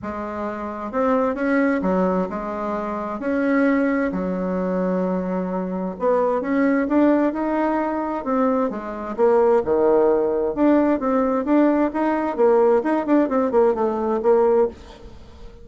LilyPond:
\new Staff \with { instrumentName = "bassoon" } { \time 4/4 \tempo 4 = 131 gis2 c'4 cis'4 | fis4 gis2 cis'4~ | cis'4 fis2.~ | fis4 b4 cis'4 d'4 |
dis'2 c'4 gis4 | ais4 dis2 d'4 | c'4 d'4 dis'4 ais4 | dis'8 d'8 c'8 ais8 a4 ais4 | }